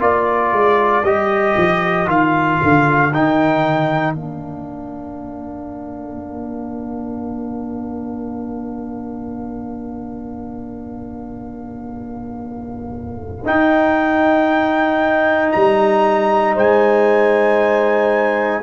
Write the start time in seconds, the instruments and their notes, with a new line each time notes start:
0.00 tuba A#3, trombone F4, horn A#4, trumpet D5
0.53 tuba G#3
1.04 tuba G3, trombone G4, trumpet D#5
1.57 tuba F3
2.07 tuba D#3, trombone F4, trumpet F5
2.63 tuba D3
3.12 tuba D#3, trombone D#4, trumpet G5
4.14 tuba A#3, trombone D4, trumpet F5
13.45 trombone D#4, tuba D#4, trumpet G5
15.52 tuba G3, trumpet A#5
16.54 tuba G#3, horn C5, trumpet G#5